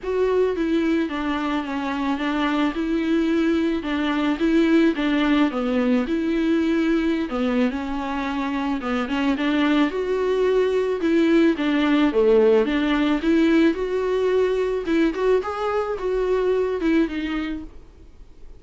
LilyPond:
\new Staff \with { instrumentName = "viola" } { \time 4/4 \tempo 4 = 109 fis'4 e'4 d'4 cis'4 | d'4 e'2 d'4 | e'4 d'4 b4 e'4~ | e'4~ e'16 b8. cis'2 |
b8 cis'8 d'4 fis'2 | e'4 d'4 a4 d'4 | e'4 fis'2 e'8 fis'8 | gis'4 fis'4. e'8 dis'4 | }